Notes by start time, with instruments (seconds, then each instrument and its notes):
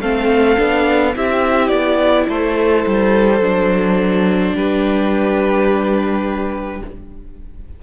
0.00 cello A3, viola C4, violin A4 F5
0.57 cello B3, viola D4
1.15 cello C4, viola E4, violin G4 E5
1.68 cello B3, violin D5
2.28 cello A3, violin A4 C5
2.86 cello G3
3.40 cello F#3, viola D4
4.54 cello G3, violin G4 B4